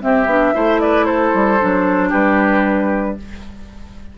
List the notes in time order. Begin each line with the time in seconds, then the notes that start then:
0.00 C4 G4 E5
0.26 B3 D4
0.53 A3 E4 C5
0.80 B4 D5
1.05 A4 C5
1.34 G3
1.59 F#3 D4
2.09 G3 G4 B4